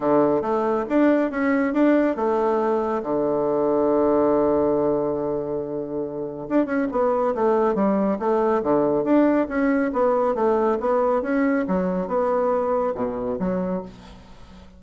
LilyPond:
\new Staff \with { instrumentName = "bassoon" } { \time 4/4 \tempo 4 = 139 d4 a4 d'4 cis'4 | d'4 a2 d4~ | d1~ | d2. d'8 cis'8 |
b4 a4 g4 a4 | d4 d'4 cis'4 b4 | a4 b4 cis'4 fis4 | b2 b,4 fis4 | }